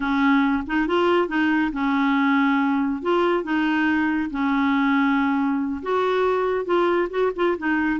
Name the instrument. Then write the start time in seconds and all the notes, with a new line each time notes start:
clarinet
0.00 C#4
0.66 D#4
0.87 F4
1.28 D#4
1.72 C#4
3.02 F4
3.43 D#4
4.30 C#4
5.82 F#4
6.65 F4
7.10 F#4
7.35 F4
7.58 D#4